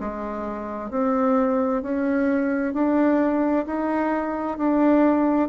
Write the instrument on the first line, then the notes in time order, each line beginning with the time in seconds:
bassoon
0.00 G#3
0.91 C4
1.83 C#4
2.74 D4
3.66 D#4
4.58 D4